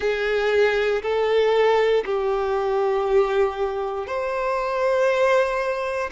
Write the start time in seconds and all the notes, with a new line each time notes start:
0.00 G#4
1.02 A4
2.05 G4
4.06 C5